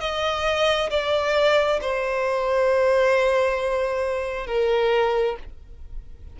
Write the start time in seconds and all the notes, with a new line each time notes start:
0.00 D#5
0.90 D5
1.81 C5
4.47 A#4